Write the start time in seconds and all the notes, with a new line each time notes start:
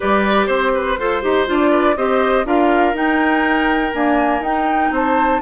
0.00 G3 G4 B4 D5
0.46 C4 C5
0.74 B4
0.98 F4 A4 C5
1.22 D#4 G4
1.47 D4 F4 D5
1.70 B4
1.96 C4 G4 C5 D#5
2.44 D4 F4 A#4 F5
2.93 D#4 G5
3.93 A#3 D4 G#5
4.40 D#4 G5
4.90 C4 C5 A5